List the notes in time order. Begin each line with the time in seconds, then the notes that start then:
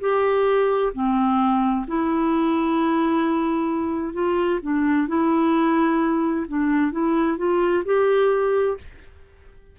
0.00 G4
0.93 C4
1.87 E4
4.13 F4
4.62 D4
5.07 E4
6.47 D4
6.91 E4
7.37 F4
7.85 G4